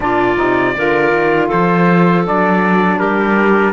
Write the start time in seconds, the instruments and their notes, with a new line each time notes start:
0.00 cello A#2, saxophone D4, clarinet F4, trumpet D5
0.35 cello C3, saxophone D#4
0.77 cello D3, saxophone F4, clarinet A#4
1.12 cello D#3
1.47 cello F3, clarinet A4, trumpet C5
2.23 cello F#3, saxophone D4, trumpet D5
2.98 cello G3, clarinet G4, trumpet A#4